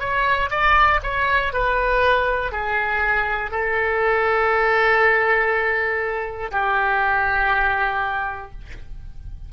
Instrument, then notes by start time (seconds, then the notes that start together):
oboe
0.00 C#5
0.50 D5
1.03 C#5
1.53 B4
2.52 G#4
3.51 A4
6.51 G4